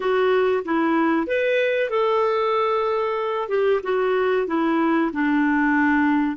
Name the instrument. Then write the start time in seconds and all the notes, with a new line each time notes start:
clarinet
0.00 F#4
0.64 E4
1.26 B4
1.90 A4
3.48 G4
3.83 F#4
4.47 E4
5.12 D4